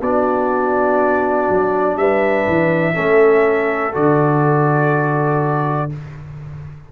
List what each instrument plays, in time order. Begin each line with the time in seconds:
0.00 tuba B3, trombone D4, horn F#4, trumpet D5
1.50 tuba F#3
1.97 tuba G3, horn B4, trumpet E5
2.48 tuba E3
2.94 tuba A3, trombone C#4, horn A4
3.93 tuba D3, trombone F#4, trumpet D5